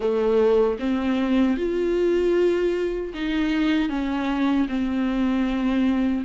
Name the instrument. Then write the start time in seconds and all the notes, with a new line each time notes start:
viola
0.00 A3
0.79 C4
1.57 F4
3.14 D#4
3.89 C#4
4.68 C4